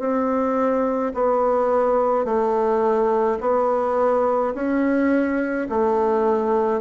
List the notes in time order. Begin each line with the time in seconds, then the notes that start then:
0.00 C4
1.15 B3
2.25 A3
3.41 B3
4.55 C#4
5.70 A3